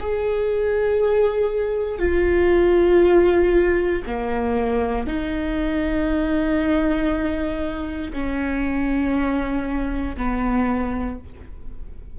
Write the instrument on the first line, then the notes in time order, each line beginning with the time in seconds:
viola
0.00 G#4
1.98 F4
4.06 A#3
5.07 D#4
8.12 C#4
10.16 B3